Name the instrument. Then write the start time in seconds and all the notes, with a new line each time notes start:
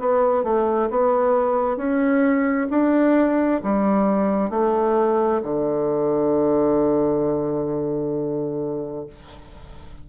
bassoon
0.00 B3
0.44 A3
0.90 B3
1.77 C#4
2.71 D4
3.64 G3
4.50 A3
5.43 D3